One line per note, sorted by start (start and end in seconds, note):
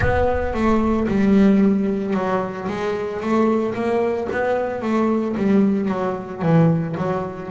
0.00 0.53 B3
0.53 1.07 A3
1.07 2.14 G3
2.14 2.67 F#3
2.67 3.20 G#3
3.20 3.74 A3
3.74 4.28 A#3
4.31 4.82 B3
4.82 5.35 A3
5.36 5.88 G3
5.88 6.41 F#3
6.42 6.95 E3
6.97 7.50 F#3